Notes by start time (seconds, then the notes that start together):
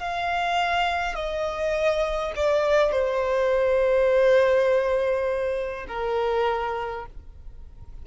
0.00 F5
1.15 D#5
2.36 D5
2.92 C5
5.88 A#4